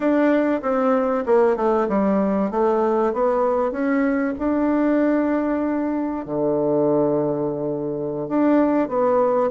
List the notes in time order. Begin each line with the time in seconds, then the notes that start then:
0.00 D4
0.62 C4
1.26 A#3
1.56 A3
1.88 G3
2.50 A3
3.13 B3
3.71 C#4
4.38 D4
6.25 D3
8.28 D4
8.88 B3